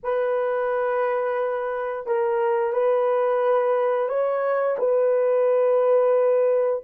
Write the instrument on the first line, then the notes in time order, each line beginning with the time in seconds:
horn
0.03 B4
2.06 A#4
2.72 B4
4.08 C#5
4.78 B4